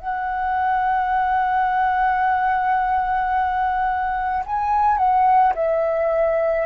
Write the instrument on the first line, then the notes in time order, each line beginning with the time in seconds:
flute
0.00 F#5
4.46 G#5
4.98 F#5
5.56 E5